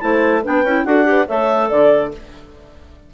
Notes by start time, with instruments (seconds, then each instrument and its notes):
0.00 bassoon A3, clarinet E4 A5, horn C5
0.42 bassoon B3, clarinet D4 G5, horn B4
0.63 bassoon C#4, clarinet E4
0.85 bassoon D4, clarinet F#4 F#5, horn A4
1.04 clarinet G4, horn B4
1.27 bassoon A3, clarinet A4 E5, horn C#5
1.69 bassoon D3, horn D5, clarinet D5